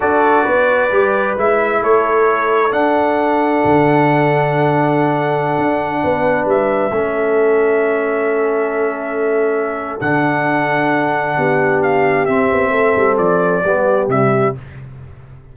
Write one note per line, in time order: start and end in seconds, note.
0.00 0.46 D4
0.00 0.90 F#4
0.00 0.44 A4
0.00 1.37 D5
0.44 0.91 B3
0.44 1.80 B4
0.91 1.36 G3
0.91 1.37 G4
1.37 1.81 G#3
1.37 2.70 E4
1.37 1.83 E5
1.81 2.72 A3
1.81 6.02 A4
1.81 2.72 C#5
2.70 6.91 D4
2.70 3.62 D4
2.70 6.47 F#5
3.64 5.57 D3
5.58 6.03 D4
6.03 6.45 B3
6.03 6.94 B4
6.45 6.90 G3
6.45 10.00 E5
6.91 9.98 A3
6.91 9.99 C#4
6.91 11.37 A4
10.00 11.37 D3
10.00 12.27 D4
10.00 11.82 F#5
11.37 12.27 B3
11.37 12.72 G4
11.82 12.25 F5
12.25 13.64 C4
12.25 12.50 C4
12.25 13.16 E5
12.51 12.70 B3
12.70 12.93 A3
12.70 13.63 A4
12.96 13.18 G3
13.17 13.63 F3
13.17 14.08 D5
13.64 14.08 G3
13.64 14.09 B3
13.64 14.56 G4
14.08 14.53 C3
14.08 14.54 G3
14.08 14.55 E5